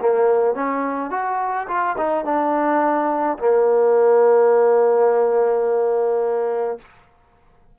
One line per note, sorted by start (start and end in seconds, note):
0.00 0.55 A#3
0.55 1.11 C#4
1.11 1.67 F#4
1.68 1.96 F4
1.98 2.25 D#4
2.25 3.38 D4
3.39 6.78 A#3